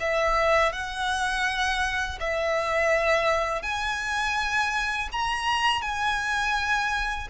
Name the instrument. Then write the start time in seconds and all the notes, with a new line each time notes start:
violin
0.00 E5
0.72 F#5
2.20 E5
3.62 G#5
5.12 A#5
5.82 G#5